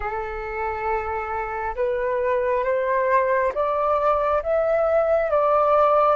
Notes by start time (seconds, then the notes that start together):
0.00 A4
1.75 B4
2.64 C5
3.54 D5
4.42 E5
5.30 D5